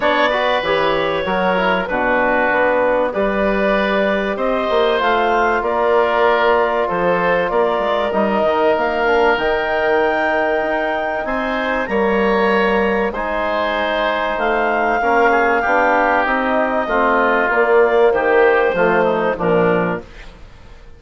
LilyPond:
<<
  \new Staff \with { instrumentName = "clarinet" } { \time 4/4 \tempo 4 = 96 d''4 cis''2 b'4~ | b'4 d''2 dis''4 | f''4 d''2 c''4 | d''4 dis''4 f''4 g''4~ |
g''2 gis''4 ais''4~ | ais''4 gis''2 f''4~ | f''2 dis''2 | d''4 c''2 ais'4 | }
  \new Staff \with { instrumentName = "oboe" } { \time 4/4 cis''8 b'4. ais'4 fis'4~ | fis'4 b'2 c''4~ | c''4 ais'2 a'4 | ais'1~ |
ais'2 c''4 cis''4~ | cis''4 c''2. | ais'8 gis'8 g'2 f'4~ | f'4 g'4 f'8 dis'8 d'4 | }
  \new Staff \with { instrumentName = "trombone" } { \time 4/4 d'8 fis'8 g'4 fis'8 e'8 d'4~ | d'4 g'2. | f'1~ | f'4 dis'4. d'8 dis'4~ |
dis'2. ais4~ | ais4 dis'2. | cis'4 d'4 dis'4 c'4 | ais2 a4 f4 | }
  \new Staff \with { instrumentName = "bassoon" } { \time 4/4 b4 e4 fis4 b,4 | b4 g2 c'8 ais8 | a4 ais2 f4 | ais8 gis8 g8 dis8 ais4 dis4~ |
dis4 dis'4 c'4 g4~ | g4 gis2 a4 | ais4 b4 c'4 a4 | ais4 dis4 f4 ais,4 | }
>>